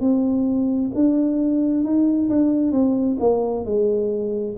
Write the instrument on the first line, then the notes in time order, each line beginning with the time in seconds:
tuba
0.00 C4
0.94 D4
1.83 D#4
2.29 D4
2.71 C4
3.19 A#3
3.64 G#3